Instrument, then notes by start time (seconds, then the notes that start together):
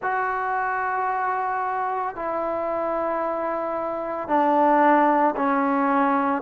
trombone
0.02 F#4
2.15 E4
4.28 D4
5.36 C#4